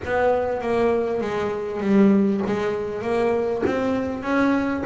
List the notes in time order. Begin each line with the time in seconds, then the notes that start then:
0.04 B3
0.61 A#3
1.21 G#3
1.80 G3
2.46 G#3
3.02 A#3
3.66 C4
4.22 C#4